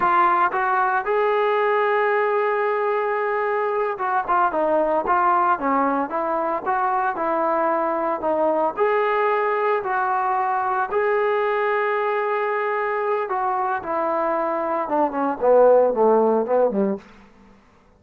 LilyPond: \new Staff \with { instrumentName = "trombone" } { \time 4/4 \tempo 4 = 113 f'4 fis'4 gis'2~ | gis'2.~ gis'8 fis'8 | f'8 dis'4 f'4 cis'4 e'8~ | e'8 fis'4 e'2 dis'8~ |
dis'8 gis'2 fis'4.~ | fis'8 gis'2.~ gis'8~ | gis'4 fis'4 e'2 | d'8 cis'8 b4 a4 b8 g8 | }